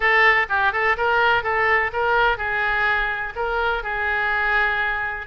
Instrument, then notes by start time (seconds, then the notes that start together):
oboe
0.00 A4
0.49 G4
0.72 A4
0.97 A#4
1.43 A4
1.92 A#4
2.37 G#4
3.35 A#4
3.83 G#4